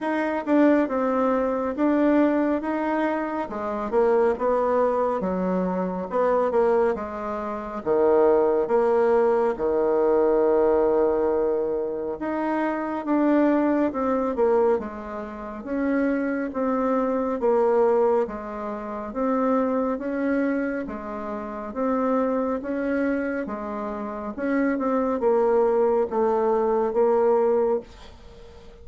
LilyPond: \new Staff \with { instrumentName = "bassoon" } { \time 4/4 \tempo 4 = 69 dis'8 d'8 c'4 d'4 dis'4 | gis8 ais8 b4 fis4 b8 ais8 | gis4 dis4 ais4 dis4~ | dis2 dis'4 d'4 |
c'8 ais8 gis4 cis'4 c'4 | ais4 gis4 c'4 cis'4 | gis4 c'4 cis'4 gis4 | cis'8 c'8 ais4 a4 ais4 | }